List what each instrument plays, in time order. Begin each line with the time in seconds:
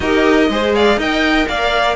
0.00 cello D#4, viola G4, violin A#4 D#5
0.49 cello G#3, viola G#4, violin C5
0.75 violin D5 F5
0.97 cello D#4, viola A#4, violin D#5 G5
1.47 cello A#3, violin D5 F5